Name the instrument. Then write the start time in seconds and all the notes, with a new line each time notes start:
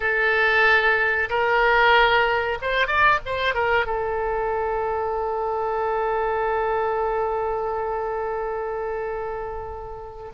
oboe
0.00 A4
1.29 A#4
2.61 C5
2.87 D5
3.25 C5
3.54 A#4
3.86 A4